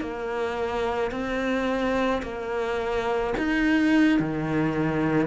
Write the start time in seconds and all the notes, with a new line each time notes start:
0.00 A#3
1.11 C4
2.22 A#3
3.37 D#4
4.19 D#3